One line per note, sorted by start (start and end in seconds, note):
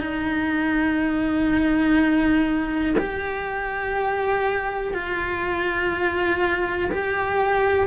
0.00 2.95 D#4
2.98 4.94 G4
4.94 6.90 F4
6.91 7.87 G4